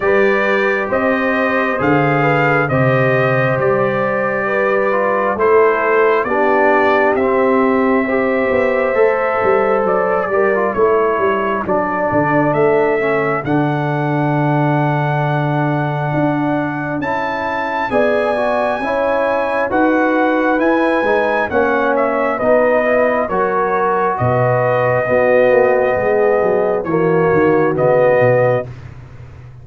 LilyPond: <<
  \new Staff \with { instrumentName = "trumpet" } { \time 4/4 \tempo 4 = 67 d''4 dis''4 f''4 dis''4 | d''2 c''4 d''4 | e''2. d''4 | cis''4 d''4 e''4 fis''4~ |
fis''2. a''4 | gis''2 fis''4 gis''4 | fis''8 e''8 dis''4 cis''4 dis''4~ | dis''2 cis''4 dis''4 | }
  \new Staff \with { instrumentName = "horn" } { \time 4/4 b'4 c''4. b'8 c''4~ | c''4 b'4 a'4 g'4~ | g'4 c''2~ c''8 ais'8 | a'1~ |
a'1 | d''4 cis''4 b'2 | cis''4 b'4 ais'4 b'4 | fis'4 gis'4 fis'2 | }
  \new Staff \with { instrumentName = "trombone" } { \time 4/4 g'2 gis'4 g'4~ | g'4. f'8 e'4 d'4 | c'4 g'4 a'4. g'16 f'16 | e'4 d'4. cis'8 d'4~ |
d'2. e'4 | gis'8 fis'8 e'4 fis'4 e'8 dis'8 | cis'4 dis'8 e'8 fis'2 | b2 ais4 b4 | }
  \new Staff \with { instrumentName = "tuba" } { \time 4/4 g4 c'4 d4 c4 | g2 a4 b4 | c'4. b8 a8 g8 fis8 g8 | a8 g8 fis8 d8 a4 d4~ |
d2 d'4 cis'4 | b4 cis'4 dis'4 e'8 gis8 | ais4 b4 fis4 b,4 | b8 ais8 gis8 fis8 e8 dis8 cis8 b,8 | }
>>